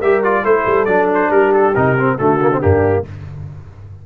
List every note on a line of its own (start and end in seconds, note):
0.00 0.45 G3
0.00 0.24 G4
0.00 0.43 A#4
0.00 0.23 E5
0.24 0.44 F4
0.24 0.45 D5
0.44 0.66 A3
0.44 0.87 E4
0.44 1.31 A4
0.44 0.85 C5
0.67 0.88 G3
0.85 1.30 F#3
0.85 1.74 D4
0.85 1.07 D5
1.14 1.31 C5
1.30 1.73 G3
1.30 2.17 G4
1.30 1.53 A#4
1.53 1.75 A4
1.75 2.20 C3
1.75 1.98 D#4
1.75 2.18 A#4
1.99 2.19 C4
2.19 2.63 D3
2.19 2.40 A3
2.19 2.61 F#4
2.19 2.62 A4
2.41 2.52 A#3
2.53 2.62 C4
2.61 3.07 G2
2.61 3.05 A#3
2.61 3.04 D4
2.61 3.05 G4